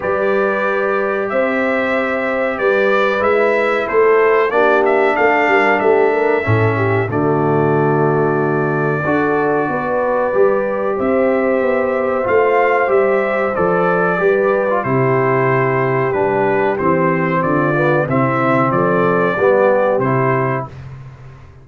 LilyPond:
<<
  \new Staff \with { instrumentName = "trumpet" } { \time 4/4 \tempo 4 = 93 d''2 e''2 | d''4 e''4 c''4 d''8 e''8 | f''4 e''2 d''4~ | d''1~ |
d''4 e''2 f''4 | e''4 d''2 c''4~ | c''4 b'4 c''4 d''4 | e''4 d''2 c''4 | }
  \new Staff \with { instrumentName = "horn" } { \time 4/4 b'2 c''2 | b'2 a'4 g'4 | a'8 ais'8 g'8 ais'8 a'8 g'8 fis'4~ | fis'2 a'4 b'4~ |
b'4 c''2.~ | c''2 b'4 g'4~ | g'2. f'4 | e'4 a'4 g'2 | }
  \new Staff \with { instrumentName = "trombone" } { \time 4/4 g'1~ | g'4 e'2 d'4~ | d'2 cis'4 a4~ | a2 fis'2 |
g'2. f'4 | g'4 a'4 g'8. f'16 e'4~ | e'4 d'4 c'4. b8 | c'2 b4 e'4 | }
  \new Staff \with { instrumentName = "tuba" } { \time 4/4 g2 c'2 | g4 gis4 a4 ais4 | a8 g8 a4 a,4 d4~ | d2 d'4 b4 |
g4 c'4 b4 a4 | g4 f4 g4 c4~ | c4 g4 e4 d4 | c4 f4 g4 c4 | }
>>